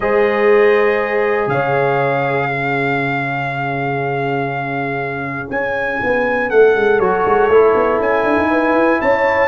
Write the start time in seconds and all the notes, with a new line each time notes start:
0.00 G#3 G#4 C5 D#5
1.47 C#3 C#5 F5
2.50 C#4 G#4
5.50 C#4 G#5
6.03 B3
6.48 A3 A4 F#5
6.75 G#3
6.98 F#3 F#4 C#5
7.25 G#3
7.48 A3 E4
7.74 B3
7.99 C#4 G#5
8.24 D4
8.37 D#4
8.50 B4
8.74 E4
9.01 C#4 C#5 A5